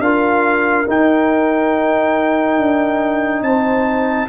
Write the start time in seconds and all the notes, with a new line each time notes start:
0.00 D4 F4 A#4 F5
0.87 D#4 G5
2.59 D4
3.42 C4 C5 A5